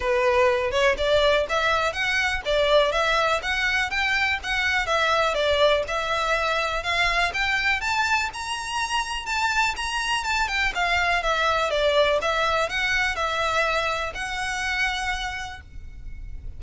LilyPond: \new Staff \with { instrumentName = "violin" } { \time 4/4 \tempo 4 = 123 b'4. cis''8 d''4 e''4 | fis''4 d''4 e''4 fis''4 | g''4 fis''4 e''4 d''4 | e''2 f''4 g''4 |
a''4 ais''2 a''4 | ais''4 a''8 g''8 f''4 e''4 | d''4 e''4 fis''4 e''4~ | e''4 fis''2. | }